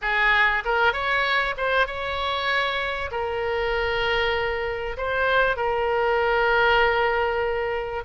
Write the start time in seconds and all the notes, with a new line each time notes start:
0.01 G#4
0.65 A#4
0.93 C#5
1.57 C5
1.86 C#5
3.11 A#4
4.97 C5
5.56 A#4